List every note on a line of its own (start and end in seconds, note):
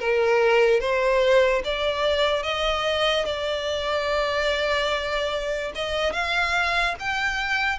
0.00 0.80 A#4
0.80 1.63 C5
1.64 2.43 D5
2.43 3.25 D#5
3.25 5.72 D5
5.75 6.13 D#5
6.13 6.95 F5
7.00 7.79 G5